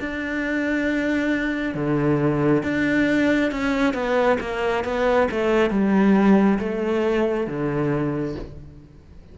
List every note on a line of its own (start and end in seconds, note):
0.00 1.75 D4
1.75 2.63 D3
2.63 3.51 D4
3.52 3.94 C#4
3.94 4.38 B3
4.40 4.84 A#3
4.84 5.28 B3
5.31 5.70 A3
5.70 6.59 G3
6.59 7.47 A3
7.47 8.35 D3